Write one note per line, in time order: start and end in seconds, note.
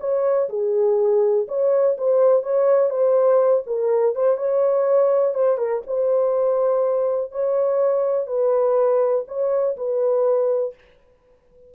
0.00 0.49 C#5
0.49 1.47 G#4
1.48 1.97 C#5
1.98 2.43 C5
2.43 2.90 C#5
2.90 3.63 C5
3.66 4.15 A#4
4.15 4.37 C5
4.37 5.34 C#5
5.34 5.58 C5
5.58 5.82 A#4
5.87 7.31 C5
7.31 8.27 C#5
8.27 9.25 B4
9.27 9.76 C#5
9.77 10.74 B4